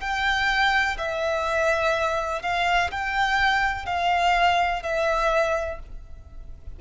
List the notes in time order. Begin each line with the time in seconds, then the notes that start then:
0.00 G5
0.98 E5
2.42 F5
2.91 G5
3.86 F5
4.83 E5